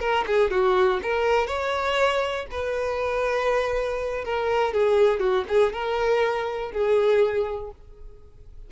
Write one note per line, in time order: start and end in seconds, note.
0.00 0.25 A#4
0.27 0.51 G#4
0.51 1.01 F#4
1.03 1.47 A#4
1.47 2.47 C#5
2.51 4.25 B4
4.25 4.74 A#4
4.74 5.20 G#4
5.20 5.45 F#4
5.49 5.73 G#4
5.73 6.72 A#4
6.72 7.71 G#4